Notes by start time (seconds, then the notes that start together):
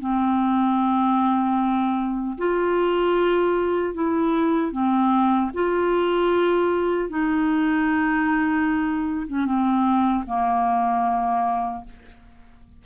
0.00 C4
2.38 F4
3.94 E4
4.72 C4
5.54 F4
7.10 D#4
9.27 C#4
9.45 C4
10.27 A#3